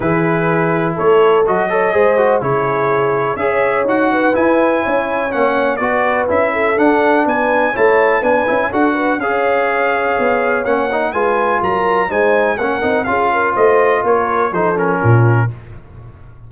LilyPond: <<
  \new Staff \with { instrumentName = "trumpet" } { \time 4/4 \tempo 4 = 124 b'2 cis''4 dis''4~ | dis''4 cis''2 e''4 | fis''4 gis''2 fis''4 | d''4 e''4 fis''4 gis''4 |
a''4 gis''4 fis''4 f''4~ | f''2 fis''4 gis''4 | ais''4 gis''4 fis''4 f''4 | dis''4 cis''4 c''8 ais'4. | }
  \new Staff \with { instrumentName = "horn" } { \time 4/4 gis'2 a'4. cis''8 | c''4 gis'2 cis''4~ | cis''8 b'4. cis''2 | b'4. a'4. b'4 |
cis''4 b'4 a'8 b'8 cis''4~ | cis''2. b'4 | ais'4 c''4 ais'4 gis'8 ais'8 | c''4 ais'4 a'4 f'4 | }
  \new Staff \with { instrumentName = "trombone" } { \time 4/4 e'2. fis'8 a'8 | gis'8 fis'8 e'2 gis'4 | fis'4 e'2 cis'4 | fis'4 e'4 d'2 |
e'4 d'8 e'8 fis'4 gis'4~ | gis'2 cis'8 dis'8 f'4~ | f'4 dis'4 cis'8 dis'8 f'4~ | f'2 dis'8 cis'4. | }
  \new Staff \with { instrumentName = "tuba" } { \time 4/4 e2 a4 fis4 | gis4 cis2 cis'4 | dis'4 e'4 cis'4 ais4 | b4 cis'4 d'4 b4 |
a4 b8 cis'8 d'4 cis'4~ | cis'4 b4 ais4 gis4 | fis4 gis4 ais8 c'8 cis'4 | a4 ais4 f4 ais,4 | }
>>